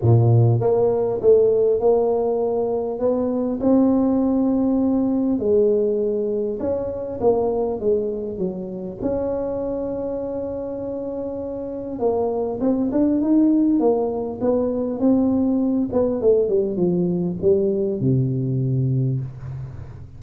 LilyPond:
\new Staff \with { instrumentName = "tuba" } { \time 4/4 \tempo 4 = 100 ais,4 ais4 a4 ais4~ | ais4 b4 c'2~ | c'4 gis2 cis'4 | ais4 gis4 fis4 cis'4~ |
cis'1 | ais4 c'8 d'8 dis'4 ais4 | b4 c'4. b8 a8 g8 | f4 g4 c2 | }